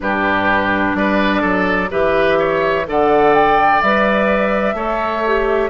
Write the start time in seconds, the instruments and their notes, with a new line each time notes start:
0.00 bassoon G2, clarinet D4, oboe G4, flute B4
0.94 bassoon G3, oboe B4, flute D5
1.41 bassoon F#3, oboe A4
1.89 bassoon E3, clarinet G4, oboe B4, flute E5
2.38 oboe C#5
2.85 bassoon D3, clarinet A4, oboe D5, flute F#5
3.34 flute G5
3.81 bassoon G3, clarinet B4, flute E5
4.73 bassoon A3, clarinet A4, oboe C#5
5.26 clarinet G4